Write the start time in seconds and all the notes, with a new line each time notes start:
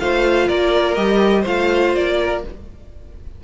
0.00 A3 F4 C5 F5
0.47 A#3 A#4 D5
0.95 G3 G4 D#5
1.41 A3 F4 C5 F5
1.95 A#3 D5
2.20 A#4